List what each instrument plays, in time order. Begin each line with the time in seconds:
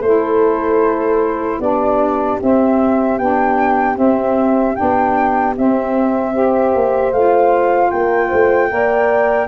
0.00 tuba A3, saxophone E4, horn A4, flute C5
1.59 tuba B3, saxophone D4, horn G4, flute D5
2.41 saxophone C4, tuba C4, flute E5
3.18 tuba B3, saxophone D4, flute G5
3.95 saxophone C4, tuba C4, flute E5
4.75 tuba B3, saxophone D4, flute G5
5.56 saxophone C4, tuba C4, flute E5
6.34 saxophone G4, horn C5
6.75 tuba A#3
7.12 tuba A3, saxophone F4, flute F5
7.91 tuba A#3, horn A#4, flute G5
8.29 tuba A3, horn C5
8.70 tuba A#3, saxophone A#4, horn D5